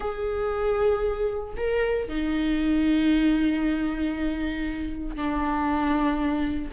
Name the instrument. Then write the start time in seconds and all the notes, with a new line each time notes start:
viola
0.00 G#4
1.57 A#4
2.08 D#4
5.15 D4